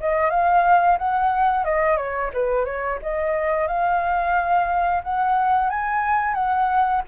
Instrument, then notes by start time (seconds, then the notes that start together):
flute
0.00 D#5
0.30 F5
0.98 F#5
1.64 D#5
1.97 C#5
2.33 B4
2.65 C#5
3.02 D#5
3.67 F5
5.03 F#5
5.70 G#5
6.34 F#5